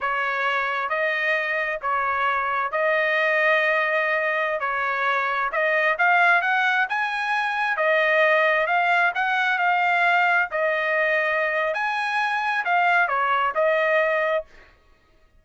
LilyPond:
\new Staff \with { instrumentName = "trumpet" } { \time 4/4 \tempo 4 = 133 cis''2 dis''2 | cis''2 dis''2~ | dis''2~ dis''16 cis''4.~ cis''16~ | cis''16 dis''4 f''4 fis''4 gis''8.~ |
gis''4~ gis''16 dis''2 f''8.~ | f''16 fis''4 f''2 dis''8.~ | dis''2 gis''2 | f''4 cis''4 dis''2 | }